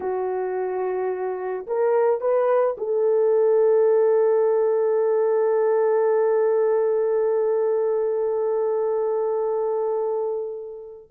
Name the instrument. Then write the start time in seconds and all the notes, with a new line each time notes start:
horn
0.00 F#4
1.67 A#4
2.20 B4
2.77 A4